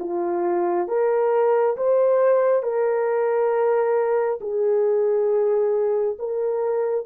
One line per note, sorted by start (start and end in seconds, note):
0.00 0.88 F4
0.89 1.77 A#4
1.77 2.63 C5
2.63 4.40 A#4
4.41 6.18 G#4
6.19 7.06 A#4